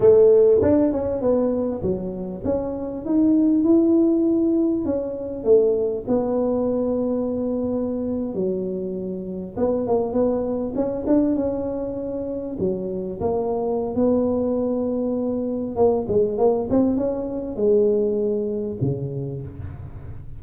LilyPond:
\new Staff \with { instrumentName = "tuba" } { \time 4/4 \tempo 4 = 99 a4 d'8 cis'8 b4 fis4 | cis'4 dis'4 e'2 | cis'4 a4 b2~ | b4.~ b16 fis2 b16~ |
b16 ais8 b4 cis'8 d'8 cis'4~ cis'16~ | cis'8. fis4 ais4~ ais16 b4~ | b2 ais8 gis8 ais8 c'8 | cis'4 gis2 cis4 | }